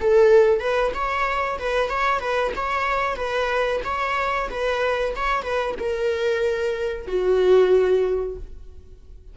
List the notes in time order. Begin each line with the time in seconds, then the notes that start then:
0.00 A4
0.60 B4
0.94 C#5
1.59 B4
1.89 C#5
2.20 B4
2.56 C#5
3.16 B4
3.84 C#5
4.50 B4
5.16 C#5
5.42 B4
5.79 A#4
7.07 F#4